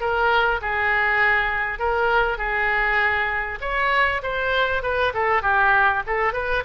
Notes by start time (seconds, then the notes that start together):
0.00 A#4
0.61 G#4
1.79 A#4
2.38 G#4
3.61 C#5
4.22 C5
4.83 B4
5.13 A4
5.42 G4
6.06 A4
6.33 B4